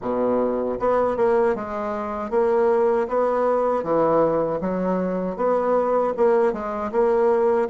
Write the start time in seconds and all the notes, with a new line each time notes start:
0.01 B2
0.79 B3
1.16 A#3
1.55 G#3
2.30 A#3
3.08 B3
3.83 E3
4.60 F#3
5.36 B3
6.16 A#3
6.52 G#3
6.91 A#3